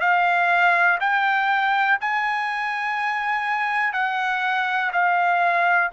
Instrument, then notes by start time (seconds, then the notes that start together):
trumpet
0.00 F5
1.00 G5
2.00 G#5
3.93 F#5
4.92 F5